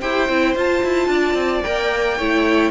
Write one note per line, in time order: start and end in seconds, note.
0.00 0.28 E4
0.00 0.28 G4
0.00 1.08 C5
0.00 0.54 G5
0.28 0.55 C4
0.28 0.56 E4
0.55 0.82 F4
0.55 1.64 F4
0.55 1.63 A5
0.83 1.07 E4
1.07 1.34 D4
1.07 2.17 D5
1.34 1.61 C4
1.63 2.19 A#3
1.63 2.18 A#4
1.63 2.70 G5
2.17 2.70 A3
2.17 2.70 E4
2.17 2.70 C#5